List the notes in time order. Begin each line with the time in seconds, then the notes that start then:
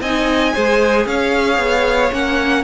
0.00 C4 D#4 D#5 G#5
0.53 G#3 G#4 C5
1.06 C#4 C#5 F5
1.58 B3
2.11 A#3 C#4 F#5